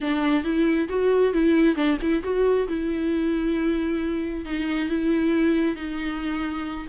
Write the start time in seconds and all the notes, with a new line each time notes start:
0.01 D4
0.44 E4
0.88 F#4
1.33 E4
1.75 D4
2.01 E4
2.23 F#4
2.68 E4
4.45 D#4
4.88 E4
5.75 D#4